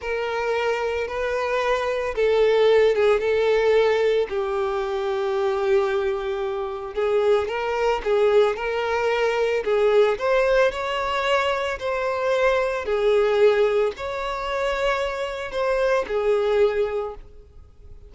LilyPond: \new Staff \with { instrumentName = "violin" } { \time 4/4 \tempo 4 = 112 ais'2 b'2 | a'4. gis'8 a'2 | g'1~ | g'4 gis'4 ais'4 gis'4 |
ais'2 gis'4 c''4 | cis''2 c''2 | gis'2 cis''2~ | cis''4 c''4 gis'2 | }